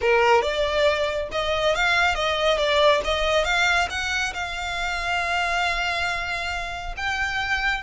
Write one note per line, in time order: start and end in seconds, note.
0.01 0.42 A#4
0.42 1.28 D5
1.31 1.75 D#5
1.75 2.14 F5
2.14 2.57 D#5
2.57 3.01 D5
3.04 3.44 D#5
3.44 3.88 F5
3.90 4.33 F#5
4.33 6.94 F5
6.97 7.82 G5